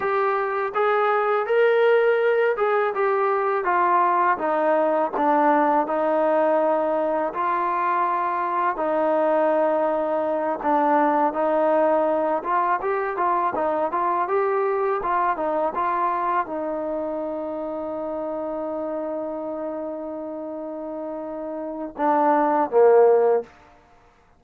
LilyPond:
\new Staff \with { instrumentName = "trombone" } { \time 4/4 \tempo 4 = 82 g'4 gis'4 ais'4. gis'8 | g'4 f'4 dis'4 d'4 | dis'2 f'2 | dis'2~ dis'8 d'4 dis'8~ |
dis'4 f'8 g'8 f'8 dis'8 f'8 g'8~ | g'8 f'8 dis'8 f'4 dis'4.~ | dis'1~ | dis'2 d'4 ais4 | }